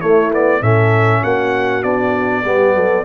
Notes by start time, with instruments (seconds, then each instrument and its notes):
0.00 trombone A3, tuba A3, horn E4, trumpet C#5
0.32 trombone B3, trumpet D5
0.60 tuba A2, trombone C#4, horn A4, trumpet E5
1.22 tuba A#3, horn F#4, trumpet F#5
1.83 tuba B3, trombone D4, trumpet D5
2.45 tuba G3, trombone B3, horn G4
2.75 tuba F#3, horn A4